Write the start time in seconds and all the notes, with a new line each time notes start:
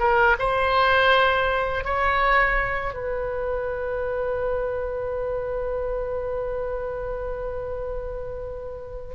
0.00 A#4
0.39 C5
1.84 C#5
2.94 B4